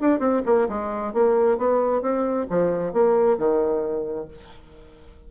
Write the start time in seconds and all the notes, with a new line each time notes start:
0.00 D4
0.19 C4
0.45 A#3
0.68 G#3
1.13 A#3
1.57 B3
2.01 C4
2.50 F3
2.92 A#3
3.37 D#3